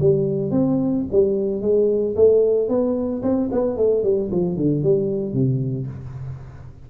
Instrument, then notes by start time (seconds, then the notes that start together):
tuba
0.00 G3
0.51 C4
1.12 G3
1.61 G#3
2.16 A3
2.68 B3
3.22 C4
3.52 B3
3.77 A3
4.03 G3
4.31 F3
4.57 D3
4.83 G3
5.33 C3